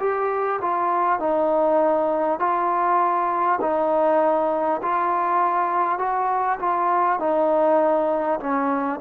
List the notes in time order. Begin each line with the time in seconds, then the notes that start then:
0.00 G4
0.62 F4
1.19 D#4
2.39 F4
3.61 D#4
4.82 F4
5.99 F#4
6.59 F4
7.19 D#4
8.40 C#4